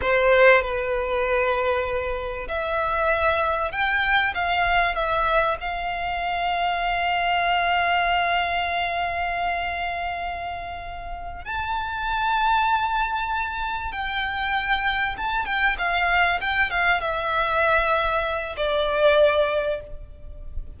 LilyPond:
\new Staff \with { instrumentName = "violin" } { \time 4/4 \tempo 4 = 97 c''4 b'2. | e''2 g''4 f''4 | e''4 f''2.~ | f''1~ |
f''2~ f''8 a''4.~ | a''2~ a''8 g''4.~ | g''8 a''8 g''8 f''4 g''8 f''8 e''8~ | e''2 d''2 | }